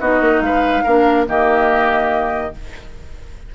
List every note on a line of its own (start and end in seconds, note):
0.00 0.21 B3
0.00 0.86 D#4
0.00 0.43 F#4
0.00 0.42 D#5
0.21 0.41 A#3
0.41 0.83 G#3
0.41 0.84 B4
0.41 1.26 F5
0.84 1.28 A#3
0.84 1.27 D4
0.84 1.26 A#4
1.27 2.54 D#3
1.27 2.53 A#3
1.27 2.55 G4
1.27 2.55 D#5